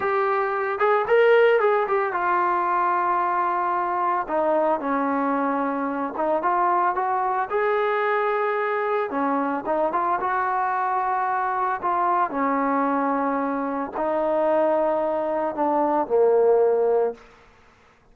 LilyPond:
\new Staff \with { instrumentName = "trombone" } { \time 4/4 \tempo 4 = 112 g'4. gis'8 ais'4 gis'8 g'8 | f'1 | dis'4 cis'2~ cis'8 dis'8 | f'4 fis'4 gis'2~ |
gis'4 cis'4 dis'8 f'8 fis'4~ | fis'2 f'4 cis'4~ | cis'2 dis'2~ | dis'4 d'4 ais2 | }